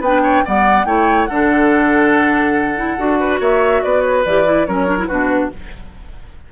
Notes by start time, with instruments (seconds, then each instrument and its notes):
0.00 bassoon B3, clarinet D4, oboe B4, flute G5
0.23 oboe C#5
0.45 bassoon G3, clarinet B3, oboe D5, flute F#5
0.85 bassoon A3, clarinet E4, oboe C#5, flute G5
1.25 bassoon D3, clarinet D4, oboe A4, flute F#5
2.76 clarinet E4
2.97 bassoon D4, clarinet F#4
3.20 oboe B4
3.40 bassoon A#3, oboe C#5, flute E5
3.83 bassoon B3, oboe B4, flute D5
4.01 flute C#5
4.25 bassoon E3, clarinet G4, flute D5
4.45 clarinet E4
4.66 bassoon F#3, clarinet C#4, oboe A#4, flute C#5
4.87 clarinet D4
4.98 clarinet E4
5.07 bassoon B2, clarinet D4, oboe F#4, flute B4